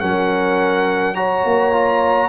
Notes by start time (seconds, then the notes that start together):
0.00 F#3 C#4 A#4 F#5
1.15 F#4 C#5 A#5
1.44 A#3
1.73 F4